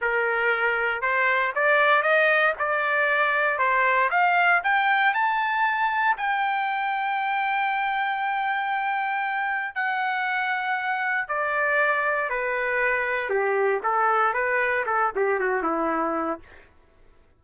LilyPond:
\new Staff \with { instrumentName = "trumpet" } { \time 4/4 \tempo 4 = 117 ais'2 c''4 d''4 | dis''4 d''2 c''4 | f''4 g''4 a''2 | g''1~ |
g''2. fis''4~ | fis''2 d''2 | b'2 g'4 a'4 | b'4 a'8 g'8 fis'8 e'4. | }